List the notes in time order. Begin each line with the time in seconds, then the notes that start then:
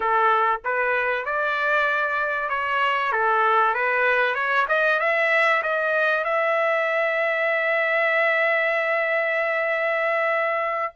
0.00 A4
0.64 B4
1.25 D5
2.49 C#5
3.12 A4
3.74 B4
4.34 C#5
4.68 D#5
4.99 E5
5.62 D#5
6.24 E5